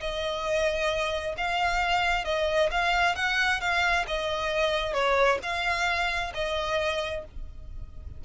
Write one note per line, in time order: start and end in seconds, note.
0.00 1.35 D#5
1.37 2.24 F5
2.24 2.69 D#5
2.71 3.15 F5
3.15 3.60 F#5
3.60 4.05 F5
4.07 4.93 D#5
4.93 5.38 C#5
5.42 6.33 F5
6.34 7.24 D#5